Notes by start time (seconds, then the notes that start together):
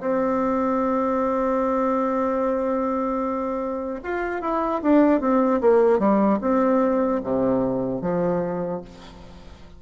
0.00 C4
4.03 F4
4.41 E4
4.82 D4
5.20 C4
5.61 A#3
5.99 G3
6.41 C4
7.23 C3
8.01 F3